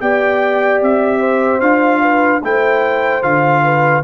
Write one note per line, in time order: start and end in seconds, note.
0.00 0.81 B3
0.00 1.61 G4
0.00 1.19 D5
0.00 0.81 G5
0.81 1.60 C4
0.81 1.60 E5
1.19 2.00 C5
1.60 2.41 D4
1.60 2.42 F4
1.60 2.41 F5
2.01 2.42 B4
2.43 3.23 A3
2.43 3.22 E4
2.43 3.63 C5
2.43 3.23 G5
3.22 4.04 D3
3.22 4.03 F4
3.22 4.04 F5
3.63 4.04 B4